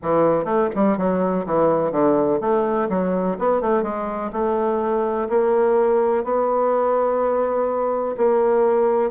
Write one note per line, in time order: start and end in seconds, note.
0.02 0.44 E3
0.44 0.68 A3
0.75 0.97 G3
0.97 1.45 F#3
1.46 1.91 E3
1.91 2.39 D3
2.40 2.88 A3
2.89 3.37 F#3
3.38 3.61 B3
3.61 3.82 A3
3.82 4.30 G#3
4.32 5.28 A3
5.29 6.24 A#3
6.24 8.16 B3
8.17 9.10 A#3